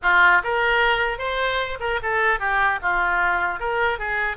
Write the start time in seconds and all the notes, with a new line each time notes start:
0.02 F4
0.43 A#4
1.18 C5
1.80 A#4
2.02 A4
2.39 G4
2.81 F4
3.59 A#4
3.98 G#4